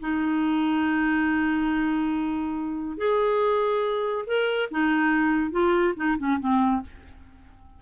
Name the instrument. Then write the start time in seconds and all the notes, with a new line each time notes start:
clarinet
0.00 D#4
2.97 G#4
4.26 A#4
4.71 D#4
5.51 F4
5.96 D#4
6.18 C#4
6.39 C4